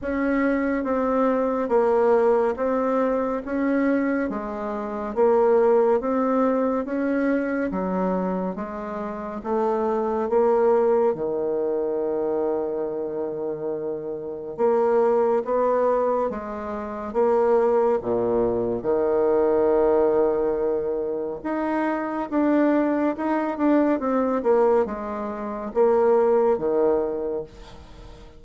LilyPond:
\new Staff \with { instrumentName = "bassoon" } { \time 4/4 \tempo 4 = 70 cis'4 c'4 ais4 c'4 | cis'4 gis4 ais4 c'4 | cis'4 fis4 gis4 a4 | ais4 dis2.~ |
dis4 ais4 b4 gis4 | ais4 ais,4 dis2~ | dis4 dis'4 d'4 dis'8 d'8 | c'8 ais8 gis4 ais4 dis4 | }